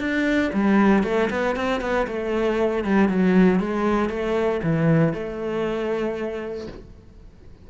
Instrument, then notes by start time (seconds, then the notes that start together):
cello
0.00 D4
0.54 G3
1.04 A3
1.31 B3
1.56 C4
1.82 B3
2.07 A3
2.84 G3
3.09 F#3
3.60 G#3
4.10 A3
4.63 E3
5.14 A3